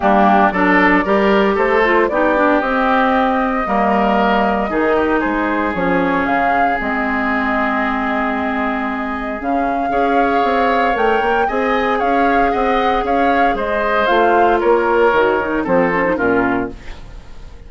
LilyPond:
<<
  \new Staff \with { instrumentName = "flute" } { \time 4/4 \tempo 4 = 115 g'4 d''2 c''4 | d''4 dis''2.~ | dis''2 c''4 cis''4 | f''4 dis''2.~ |
dis''2 f''2~ | f''4 g''4 gis''4 f''4 | fis''4 f''4 dis''4 f''4 | cis''2 c''4 ais'4 | }
  \new Staff \with { instrumentName = "oboe" } { \time 4/4 d'4 a'4 ais'4 a'4 | g'2. ais'4~ | ais'4 gis'8 g'8 gis'2~ | gis'1~ |
gis'2. cis''4~ | cis''2 dis''4 cis''4 | dis''4 cis''4 c''2 | ais'2 a'4 f'4 | }
  \new Staff \with { instrumentName = "clarinet" } { \time 4/4 ais4 d'4 g'4. f'8 | dis'8 d'8 c'2 ais4~ | ais4 dis'2 cis'4~ | cis'4 c'2.~ |
c'2 cis'4 gis'4~ | gis'4 ais'4 gis'2~ | gis'2. f'4~ | f'4 fis'8 dis'8 c'8 cis'16 dis'16 cis'4 | }
  \new Staff \with { instrumentName = "bassoon" } { \time 4/4 g4 fis4 g4 a4 | b4 c'2 g4~ | g4 dis4 gis4 f4 | cis4 gis2.~ |
gis2 cis4 cis'4 | c'4 a8 ais8 c'4 cis'4 | c'4 cis'4 gis4 a4 | ais4 dis4 f4 ais,4 | }
>>